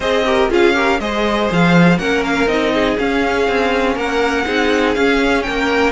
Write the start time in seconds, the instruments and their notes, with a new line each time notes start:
0.00 cello C4, viola G#4, violin C5 D#5
0.25 viola G4, violin A#4
0.49 cello C#4, viola F4, violin G#4 F5
0.74 viola G4, violin A#4
0.99 cello G#3, viola G#4, violin C5 D#5
1.51 cello F3, violin F5
1.98 cello A#3, viola C#4, violin A#4 F#5
2.24 violin F5
2.47 cello C4, viola D#4, violin D#5
2.73 violin G#4
2.98 viola C#4, cello C#4, violin F5
3.47 cello C4
3.95 cello A#3, violin A#4 F#5
4.46 cello C4, viola D#4, violin G#4
4.94 viola C#4, cello C#4, violin F5
5.42 cello A#3, violin A#4 G5